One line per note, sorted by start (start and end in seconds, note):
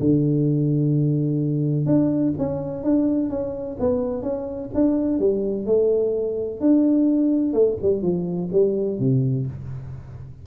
0.00 1.86 D3
1.86 2.33 D4
2.38 2.83 C#4
2.83 3.29 D4
3.29 3.77 C#4
3.80 4.22 B3
4.22 4.70 C#4
4.75 5.19 D4
5.19 5.66 G3
5.66 6.60 A3
6.61 7.53 D4
7.53 7.77 A3
7.82 8.02 G3
8.02 8.49 F3
8.52 8.99 G3
8.99 9.47 C3